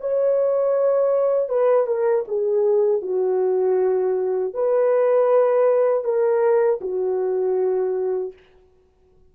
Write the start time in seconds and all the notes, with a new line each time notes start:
0.00 C#5
1.48 B4
1.86 A#4
2.28 G#4
3.02 F#4
4.53 B4
6.03 A#4
6.81 F#4